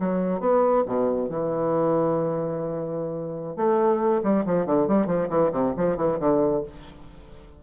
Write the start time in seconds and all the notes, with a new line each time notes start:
0.00 F#3
0.40 B3
0.87 B2
1.29 E3
3.57 A3
4.23 G3
4.46 F3
4.66 D3
4.88 G3
5.07 F3
5.29 E3
5.52 C3
5.77 F3
5.97 E3
6.19 D3